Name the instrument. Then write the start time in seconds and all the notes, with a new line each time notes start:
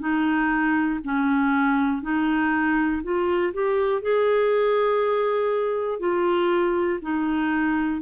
clarinet
0.00 D#4
1.04 C#4
2.02 D#4
3.03 F4
3.53 G4
4.01 G#4
6.00 F4
7.02 D#4